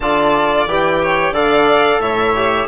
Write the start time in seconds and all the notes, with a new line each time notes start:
0.00 D3 F4 D5 A5
0.66 E3 G4 G5
1.02 C#5
1.31 D3 A4 D5 F5
1.99 A2 C#5 E5
2.35 G4